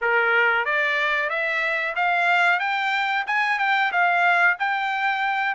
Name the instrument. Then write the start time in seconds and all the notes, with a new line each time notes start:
trumpet
0.01 A#4
0.65 D5
1.29 E5
1.95 F5
2.59 G5
3.26 G#5
3.58 G5
3.91 F5
4.59 G5